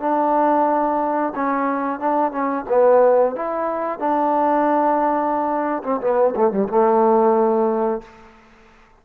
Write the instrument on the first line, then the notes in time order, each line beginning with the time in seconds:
trombone
0.00 D4
1.35 C#4
2.00 D4
2.32 C#4
2.69 B3
3.36 E4
3.99 D4
5.84 C4
6.01 B3
6.36 A3
6.52 G3
6.68 A3